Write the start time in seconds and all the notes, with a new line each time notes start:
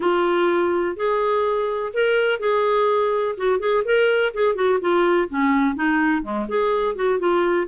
0.00 F4
0.96 G#4
1.93 A#4
2.39 G#4
3.37 F#4
3.59 G#4
3.84 A#4
4.34 G#4
4.55 F#4
4.80 F4
5.29 C#4
5.75 D#4
6.22 G#3
6.48 G#4
6.95 F#4
7.19 F4